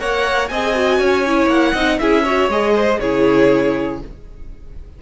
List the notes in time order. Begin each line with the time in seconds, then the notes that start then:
0.00 A#3 A#4 C#5 F#5
0.48 C4 G#4 D#5 G#5
0.75 F#4
0.99 C#4 C#5
1.27 E4
1.47 A#3 F#5
1.73 C4 D#4 D#5
1.99 C#4 E4 G#4 E5
2.23 F#4 C#5
2.48 G#3 G#4 D#5
2.75 C5
3.00 C#3 E4 G#4 C#5